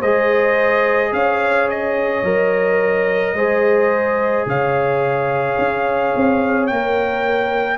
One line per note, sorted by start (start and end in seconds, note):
0.00 1.13 G#3
0.00 2.25 G#4
0.00 1.11 C5
0.00 1.13 D#5
1.13 2.23 C#4
1.13 3.36 C#5
1.13 1.69 F5
1.70 4.48 D#5
2.23 3.34 F#3
2.23 3.36 A#4
3.34 4.46 G#3
3.34 6.71 G#4
3.34 4.47 C5
4.47 5.58 C#3
4.47 7.79 C#5
4.47 6.67 F5
5.58 6.14 C#4
6.16 6.70 C4
6.67 7.79 A#3
6.67 7.79 A#4
6.67 7.78 G5